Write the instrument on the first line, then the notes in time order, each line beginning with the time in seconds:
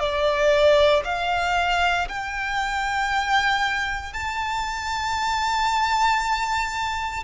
violin
0.00 D5
1.05 F5
2.08 G5
4.14 A5